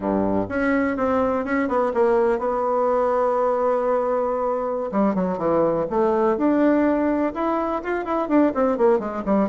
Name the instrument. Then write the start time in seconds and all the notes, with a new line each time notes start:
bassoon
0.00 G2
0.48 C#4
0.96 C4
1.44 C#4
1.68 B3
1.94 A#3
2.38 B3
4.91 G3
5.14 F#3
5.37 E3
5.90 A3
6.37 D4
7.34 E4
7.83 F4
8.04 E4
8.28 D4
8.54 C4
8.77 A#3
8.99 G#3
9.25 G3